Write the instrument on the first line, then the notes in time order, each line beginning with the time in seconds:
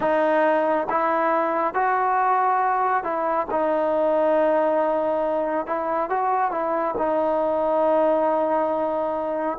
trombone
0.00 D#4
0.89 E4
1.74 F#4
3.03 E4
3.51 D#4
5.66 E4
6.09 F#4
6.51 E4
6.97 D#4